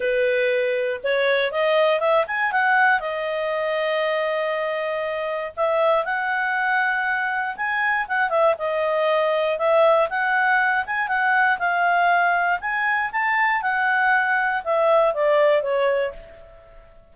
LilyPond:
\new Staff \with { instrumentName = "clarinet" } { \time 4/4 \tempo 4 = 119 b'2 cis''4 dis''4 | e''8 gis''8 fis''4 dis''2~ | dis''2. e''4 | fis''2. gis''4 |
fis''8 e''8 dis''2 e''4 | fis''4. gis''8 fis''4 f''4~ | f''4 gis''4 a''4 fis''4~ | fis''4 e''4 d''4 cis''4 | }